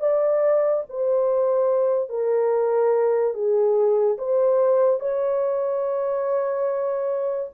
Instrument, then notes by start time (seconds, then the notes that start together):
horn
0.00 D5
0.89 C5
2.09 A#4
3.34 G#4
4.18 C5
5.00 C#5